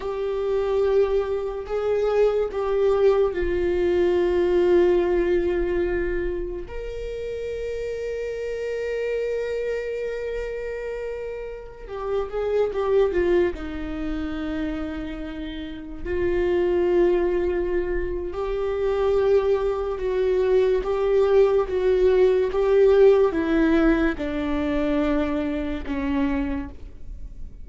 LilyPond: \new Staff \with { instrumentName = "viola" } { \time 4/4 \tempo 4 = 72 g'2 gis'4 g'4 | f'1 | ais'1~ | ais'2~ ais'16 g'8 gis'8 g'8 f'16~ |
f'16 dis'2. f'8.~ | f'2 g'2 | fis'4 g'4 fis'4 g'4 | e'4 d'2 cis'4 | }